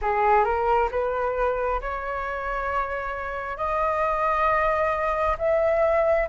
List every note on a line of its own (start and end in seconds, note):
0.01 0.44 G#4
0.44 0.89 A#4
0.91 1.80 B4
1.81 3.57 C#5
3.57 5.36 D#5
5.38 6.28 E5